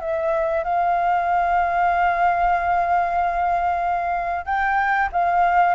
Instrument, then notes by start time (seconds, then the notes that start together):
flute
0.00 E5
0.64 F5
4.45 G5
5.12 F5